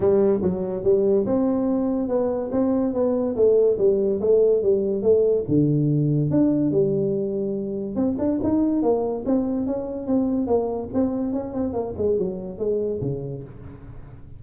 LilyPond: \new Staff \with { instrumentName = "tuba" } { \time 4/4 \tempo 4 = 143 g4 fis4 g4 c'4~ | c'4 b4 c'4 b4 | a4 g4 a4 g4 | a4 d2 d'4 |
g2. c'8 d'8 | dis'4 ais4 c'4 cis'4 | c'4 ais4 c'4 cis'8 c'8 | ais8 gis8 fis4 gis4 cis4 | }